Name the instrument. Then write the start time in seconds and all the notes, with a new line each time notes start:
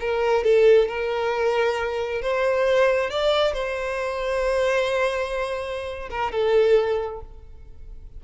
violin
0.00 A#4
0.44 A4
0.88 A#4
2.21 C5
3.10 D5
3.53 C5
6.10 A#4
6.32 A4